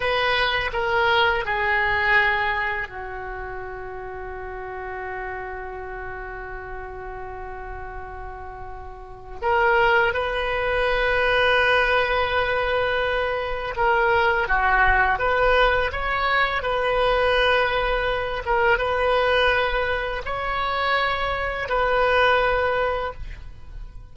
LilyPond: \new Staff \with { instrumentName = "oboe" } { \time 4/4 \tempo 4 = 83 b'4 ais'4 gis'2 | fis'1~ | fis'1~ | fis'4 ais'4 b'2~ |
b'2. ais'4 | fis'4 b'4 cis''4 b'4~ | b'4. ais'8 b'2 | cis''2 b'2 | }